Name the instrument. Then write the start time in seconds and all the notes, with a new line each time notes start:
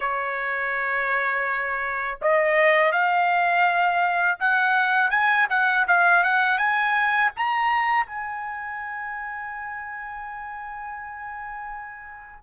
trumpet
0.00 C#5
2.22 D#5
2.92 F5
4.39 F#5
5.10 G#5
5.49 F#5
5.87 F5
6.23 F#5
6.58 G#5
7.36 A#5
8.06 G#5